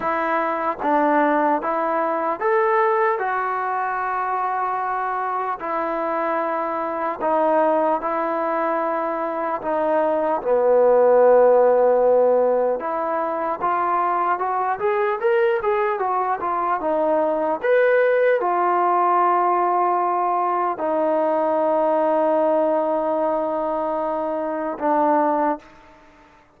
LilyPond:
\new Staff \with { instrumentName = "trombone" } { \time 4/4 \tempo 4 = 75 e'4 d'4 e'4 a'4 | fis'2. e'4~ | e'4 dis'4 e'2 | dis'4 b2. |
e'4 f'4 fis'8 gis'8 ais'8 gis'8 | fis'8 f'8 dis'4 b'4 f'4~ | f'2 dis'2~ | dis'2. d'4 | }